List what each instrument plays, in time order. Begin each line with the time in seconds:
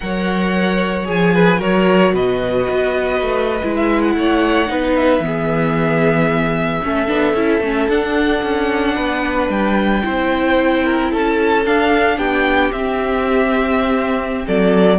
0.00 cello F#3, viola A#4, violin C#5 F#5
1.04 cello F3, viola G#4, violin G#5
1.34 violin B4
1.58 cello F#3, viola F#4, violin A#4 C#5
2.13 cello B2, violin B4 D#5
2.69 cello B3
3.21 cello A3
3.62 cello G#3, viola E4
3.76 violin E5
4.02 violin F#5
4.15 cello A3, violin C#5
4.67 cello B3, viola D#4, violin B4
4.95 violin E5
5.19 cello E3, viola B3
5.25 violin G#4
6.83 cello A3, viola C#4, violin A4
7.07 cello B3, viola D4
7.34 cello C#4, viola E4
7.60 cello A3, viola C#4
7.88 cello D4, viola D4, violin F#5
8.42 cello C#4
8.95 cello B3, violin B4
9.49 cello G3, violin G5
10.02 cello C4, viola E4, violin C5
10.84 violin A#4
11.11 cello C#4, violin A4 A5
11.65 viola D4, cello D4, violin F5
12.17 cello B3, violin G4 G5
12.71 viola C4, cello C4, violin E5
14.46 cello F#3, violin A4 D5